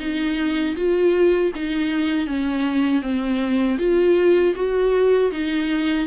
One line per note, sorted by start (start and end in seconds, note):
0.00 0.76 D#4
0.76 1.52 F4
1.55 2.27 D#4
2.27 3.02 C#4
3.02 3.78 C4
3.79 4.55 F4
4.56 5.32 F#4
5.32 6.07 D#4